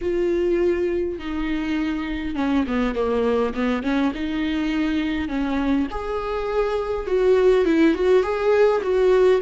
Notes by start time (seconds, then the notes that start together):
0.01 F4
1.18 D#4
2.35 C#4
2.67 B3
2.94 A#3
3.54 B3
3.82 C#4
4.14 D#4
5.28 C#4
5.91 G#4
7.06 F#4
7.65 E4
7.94 F#4
8.22 G#4
8.82 F#4